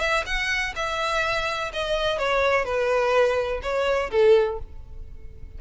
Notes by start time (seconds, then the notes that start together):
0.00 E5
0.26 F#5
0.76 E5
1.73 D#5
2.18 C#5
2.65 B4
3.62 C#5
4.11 A4